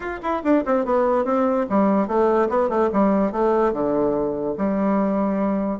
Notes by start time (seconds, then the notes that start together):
0.00 F4
0.22 E4
0.43 D4
0.65 C4
0.85 B3
1.24 C4
1.69 G3
2.07 A3
2.49 B3
2.69 A3
2.92 G3
3.31 A3
3.72 D3
4.57 G3